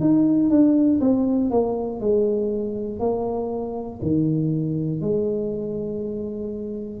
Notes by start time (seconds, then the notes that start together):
0.00 D#4
0.50 D4
1.00 C4
1.50 A#3
2.00 G#3
2.99 A#3
4.01 D#3
5.00 G#3